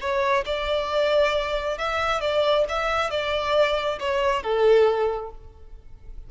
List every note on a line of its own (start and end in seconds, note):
0.00 0.44 C#5
0.45 1.78 D5
1.78 2.21 E5
2.21 2.65 D5
2.68 3.10 E5
3.10 3.98 D5
3.99 4.42 C#5
4.42 5.31 A4